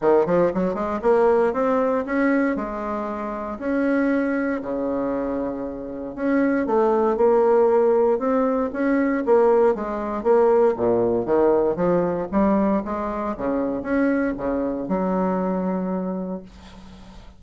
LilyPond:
\new Staff \with { instrumentName = "bassoon" } { \time 4/4 \tempo 4 = 117 dis8 f8 fis8 gis8 ais4 c'4 | cis'4 gis2 cis'4~ | cis'4 cis2. | cis'4 a4 ais2 |
c'4 cis'4 ais4 gis4 | ais4 ais,4 dis4 f4 | g4 gis4 cis4 cis'4 | cis4 fis2. | }